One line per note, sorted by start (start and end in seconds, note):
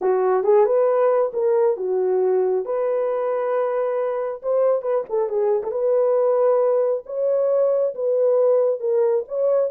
0.01 0.43 F#4
0.43 0.65 G#4
0.65 1.31 B4
1.33 1.76 A#4
1.76 2.65 F#4
2.65 4.41 B4
4.42 4.81 C5
4.81 5.04 B4
5.09 5.29 A4
5.29 5.62 G#4
5.63 5.71 A4
5.71 7.03 B4
7.06 7.94 C#5
7.95 8.80 B4
8.80 9.24 A#4
9.28 9.70 C#5